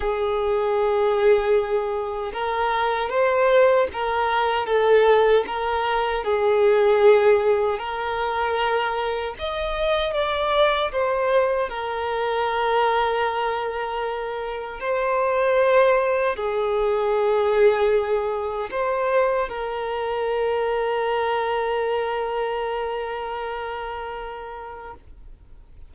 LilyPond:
\new Staff \with { instrumentName = "violin" } { \time 4/4 \tempo 4 = 77 gis'2. ais'4 | c''4 ais'4 a'4 ais'4 | gis'2 ais'2 | dis''4 d''4 c''4 ais'4~ |
ais'2. c''4~ | c''4 gis'2. | c''4 ais'2.~ | ais'1 | }